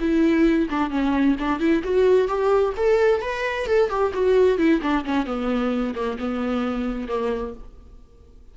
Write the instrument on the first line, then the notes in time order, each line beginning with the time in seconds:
viola
0.00 E4
0.70 D4
0.90 C#4
1.39 D4
1.59 E4
1.84 F#4
2.28 G4
2.77 A4
3.22 B4
3.67 A4
3.90 G4
4.14 F#4
4.58 E4
4.82 D4
5.05 C#4
5.26 B3
5.95 A#3
6.19 B3
7.08 A#3